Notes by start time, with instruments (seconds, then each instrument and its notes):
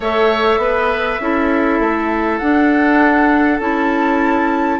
0.00 bassoon A3, clarinet A4, oboe C#5, flute E5
0.57 bassoon B3, oboe B4
1.20 bassoon C#4, clarinet E4, oboe A4
1.79 bassoon A3
2.38 bassoon D4, clarinet D4, flute F#5
3.59 bassoon C#4, clarinet E4, flute A5